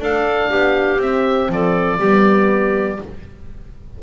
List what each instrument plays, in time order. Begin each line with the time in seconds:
0.00 double bass D4, horn D4, clarinet A4, oboe F5
0.50 double bass B3, clarinet G4
0.98 double bass C4, horn C4, oboe E5
1.49 double bass F3, clarinet A4, oboe D5
1.99 double bass G3, horn B3, clarinet G4